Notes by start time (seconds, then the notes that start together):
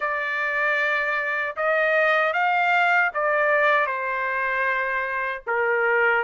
0.00 D5
1.56 D#5
2.33 F5
3.14 D5
3.86 C5
5.47 A#4